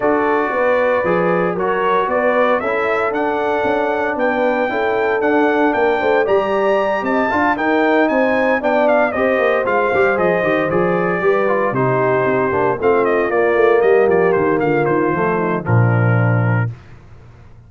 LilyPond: <<
  \new Staff \with { instrumentName = "trumpet" } { \time 4/4 \tempo 4 = 115 d''2. cis''4 | d''4 e''4 fis''2 | g''2 fis''4 g''4 | ais''4. a''4 g''4 gis''8~ |
gis''8 g''8 f''8 dis''4 f''4 dis''8~ | dis''8 d''2 c''4.~ | c''8 f''8 dis''8 d''4 dis''8 d''8 c''8 | f''8 c''4. ais'2 | }
  \new Staff \with { instrumentName = "horn" } { \time 4/4 a'4 b'2 ais'4 | b'4 a'2. | b'4 a'2 ais'8 c''8 | d''4. dis''8 f''8 ais'4 c''8~ |
c''8 d''4 c''2~ c''8~ | c''4. b'4 g'4.~ | g'8 f'2 g'4. | f'4. dis'8 d'2 | }
  \new Staff \with { instrumentName = "trombone" } { \time 4/4 fis'2 gis'4 fis'4~ | fis'4 e'4 d'2~ | d'4 e'4 d'2 | g'2 f'8 dis'4.~ |
dis'8 d'4 g'4 f'8 g'8 gis'8 | g'8 gis'4 g'8 f'8 dis'4. | d'8 c'4 ais2~ ais8~ | ais4 a4 f2 | }
  \new Staff \with { instrumentName = "tuba" } { \time 4/4 d'4 b4 f4 fis4 | b4 cis'4 d'4 cis'4 | b4 cis'4 d'4 ais8 a8 | g4. c'8 d'8 dis'4 c'8~ |
c'8 b4 c'8 ais8 gis8 g8 f8 | dis8 f4 g4 c4 c'8 | ais8 a4 ais8 a8 g8 f8 dis8 | d8 dis8 f4 ais,2 | }
>>